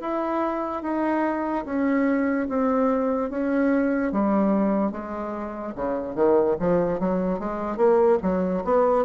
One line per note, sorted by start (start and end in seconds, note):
0.00 0.82 E4
0.82 1.64 D#4
1.65 2.47 C#4
2.48 3.30 C4
3.30 4.12 C#4
4.12 4.91 G3
4.91 5.73 G#3
5.75 6.15 C#3
6.15 6.56 D#3
6.59 6.99 F3
6.99 7.39 F#3
7.39 7.77 G#3
7.77 8.18 A#3
8.22 8.63 F#3
8.64 9.05 B3